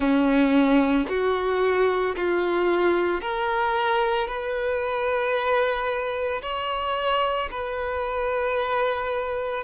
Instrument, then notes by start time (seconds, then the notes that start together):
violin
0.00 C#4
1.08 F#4
2.15 F4
3.21 A#4
4.27 B4
6.41 C#5
7.50 B4